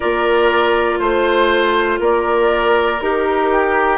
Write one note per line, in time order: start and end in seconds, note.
0.00 0.99 A#3
0.00 2.98 F4
0.00 0.98 A#4
0.00 0.98 D5
0.98 1.99 A3
0.98 1.98 C5
0.98 2.00 C5
1.99 2.99 A#3
1.99 3.50 A#4
1.99 3.00 D5
3.00 3.97 D#4
3.00 3.97 G4
3.00 3.97 A#4
3.51 3.97 G4